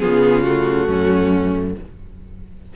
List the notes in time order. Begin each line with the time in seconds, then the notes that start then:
0.00 C#3 B3 F4 G#4
0.43 A3 F#4
0.88 F#2 C#4